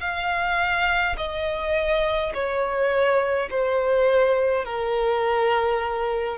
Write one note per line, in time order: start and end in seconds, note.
0.00 1.15 F5
1.17 2.32 D#5
2.34 3.49 C#5
3.50 4.65 C5
4.65 6.37 A#4